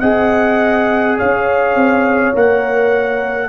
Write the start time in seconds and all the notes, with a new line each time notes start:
0.00 C4 G#4 D#5 F#5
1.18 C#4 C#5 F5
1.75 C4
2.34 A#3 A#4 F#5